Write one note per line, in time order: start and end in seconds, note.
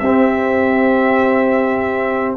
0.00 2.36 C4
0.00 2.37 C4
0.00 2.37 G4
0.00 2.35 E5